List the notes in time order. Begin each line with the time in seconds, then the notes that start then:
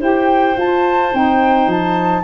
0.00 E4 G4 C5 G5
0.57 F4 A5
1.13 C4 D#4 G5
1.67 F3 A5